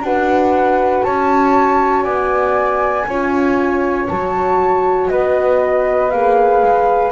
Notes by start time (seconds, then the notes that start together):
0.00 D4 F#4 B4 F#5
1.03 C#4 C#5 A5
2.02 B3 D5 G#5
3.06 C#4 F4 C#5
4.08 F#3 F#4 A5
5.08 B3 B4 D#5
6.10 A#3 G#4 F5
6.62 G#3